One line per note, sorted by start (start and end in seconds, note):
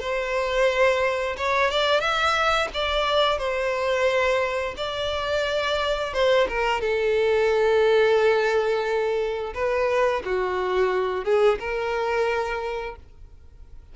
0.00 1.36 C5
1.37 1.71 C#5
1.71 2.01 D5
2.01 2.69 E5
2.74 3.38 D5
3.38 4.75 C5
4.77 6.14 D5
6.14 6.48 C5
6.49 6.81 A#4
6.81 9.54 A4
9.55 10.23 B4
10.25 11.25 F#4
11.25 11.59 G#4
11.59 12.96 A#4